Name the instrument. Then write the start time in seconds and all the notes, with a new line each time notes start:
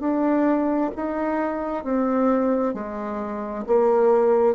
bassoon
0.00 D4
0.96 D#4
1.84 C4
2.74 G#3
3.67 A#3